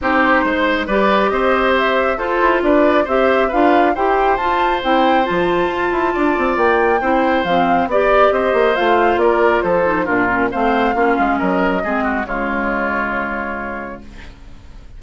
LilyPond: <<
  \new Staff \with { instrumentName = "flute" } { \time 4/4 \tempo 4 = 137 c''2 d''4 dis''4 | e''4 c''4 d''4 e''4 | f''4 g''4 a''4 g''4 | a''2. g''4~ |
g''4 f''4 d''4 dis''4 | f''4 d''4 c''4 ais'4 | f''2 dis''2 | cis''1 | }
  \new Staff \with { instrumentName = "oboe" } { \time 4/4 g'4 c''4 b'4 c''4~ | c''4 a'4 b'4 c''4 | b'4 c''2.~ | c''2 d''2 |
c''2 d''4 c''4~ | c''4 ais'4 a'4 f'4 | c''4 f'4 ais'4 gis'8 fis'8 | f'1 | }
  \new Staff \with { instrumentName = "clarinet" } { \time 4/4 dis'2 g'2~ | g'4 f'2 g'4 | f'4 g'4 f'4 e'4 | f'1 |
e'4 c'4 g'2 | f'2~ f'8 dis'8 d'8 cis'8 | c'4 cis'2 c'4 | gis1 | }
  \new Staff \with { instrumentName = "bassoon" } { \time 4/4 c'4 gis4 g4 c'4~ | c'4 f'8 e'8 d'4 c'4 | d'4 e'4 f'4 c'4 | f4 f'8 e'8 d'8 c'8 ais4 |
c'4 f4 b4 c'8 ais8 | a4 ais4 f4 ais,4 | a4 ais8 gis8 fis4 gis4 | cis1 | }
>>